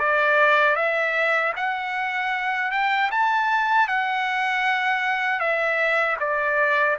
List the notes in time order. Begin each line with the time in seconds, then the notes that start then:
0.00 D5
0.76 E5
1.57 F#5
2.72 G5
3.12 A5
3.88 F#5
5.40 E5
6.20 D5